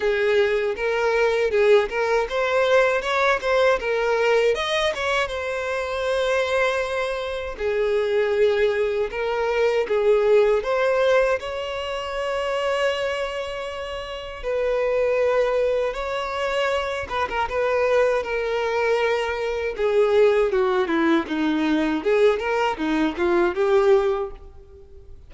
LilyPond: \new Staff \with { instrumentName = "violin" } { \time 4/4 \tempo 4 = 79 gis'4 ais'4 gis'8 ais'8 c''4 | cis''8 c''8 ais'4 dis''8 cis''8 c''4~ | c''2 gis'2 | ais'4 gis'4 c''4 cis''4~ |
cis''2. b'4~ | b'4 cis''4. b'16 ais'16 b'4 | ais'2 gis'4 fis'8 e'8 | dis'4 gis'8 ais'8 dis'8 f'8 g'4 | }